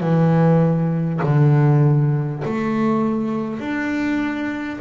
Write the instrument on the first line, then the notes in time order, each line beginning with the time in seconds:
double bass
0.00 E3
1.23 D3
2.44 A3
3.59 D4